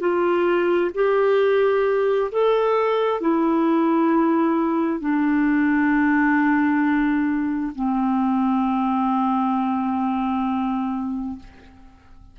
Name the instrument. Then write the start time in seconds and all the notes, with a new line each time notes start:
clarinet
0.00 F4
0.95 G4
2.32 A4
3.21 E4
5.00 D4
7.75 C4